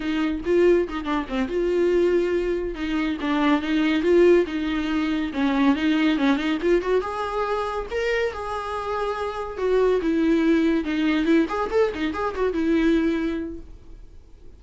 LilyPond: \new Staff \with { instrumentName = "viola" } { \time 4/4 \tempo 4 = 141 dis'4 f'4 dis'8 d'8 c'8 f'8~ | f'2~ f'8 dis'4 d'8~ | d'8 dis'4 f'4 dis'4.~ | dis'8 cis'4 dis'4 cis'8 dis'8 f'8 |
fis'8 gis'2 ais'4 gis'8~ | gis'2~ gis'8 fis'4 e'8~ | e'4. dis'4 e'8 gis'8 a'8 | dis'8 gis'8 fis'8 e'2~ e'8 | }